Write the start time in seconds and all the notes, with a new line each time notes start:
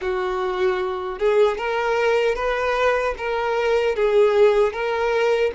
0.01 F#4
1.18 G#4
1.57 A#4
2.35 B4
3.17 A#4
3.95 G#4
4.72 A#4